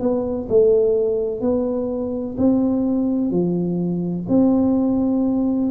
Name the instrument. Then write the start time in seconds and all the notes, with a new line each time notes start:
tuba
0.00 B3
0.49 A3
1.41 B3
2.38 C4
3.31 F3
4.29 C4